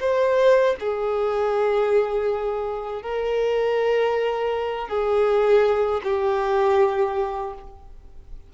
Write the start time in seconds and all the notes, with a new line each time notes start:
0.00 C5
0.80 G#4
3.02 A#4
4.88 G#4
6.03 G4